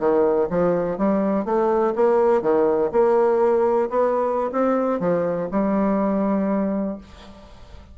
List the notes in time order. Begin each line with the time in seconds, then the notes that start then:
0.00 D#3
0.50 F3
0.98 G3
1.45 A3
1.96 A#3
2.42 D#3
2.92 A#3
3.90 B3
4.53 C4
5.00 F3
5.52 G3